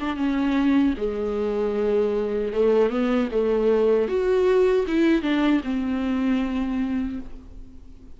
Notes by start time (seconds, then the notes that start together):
0.00 D4
0.16 C#4
0.97 G#3
2.53 A3
2.90 B3
3.31 A3
4.08 F#4
4.87 E4
5.22 D4
5.64 C4